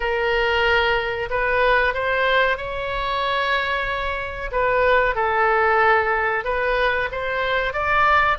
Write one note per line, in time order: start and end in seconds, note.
0.00 1.29 A#4
1.29 1.94 B4
1.94 2.57 C5
2.57 4.50 C#5
4.51 5.15 B4
5.15 6.44 A4
6.44 7.09 B4
7.11 7.73 C5
7.73 8.37 D5